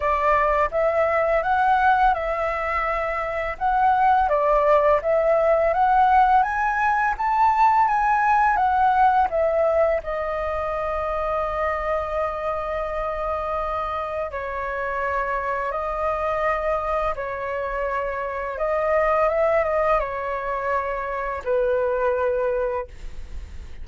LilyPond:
\new Staff \with { instrumentName = "flute" } { \time 4/4 \tempo 4 = 84 d''4 e''4 fis''4 e''4~ | e''4 fis''4 d''4 e''4 | fis''4 gis''4 a''4 gis''4 | fis''4 e''4 dis''2~ |
dis''1 | cis''2 dis''2 | cis''2 dis''4 e''8 dis''8 | cis''2 b'2 | }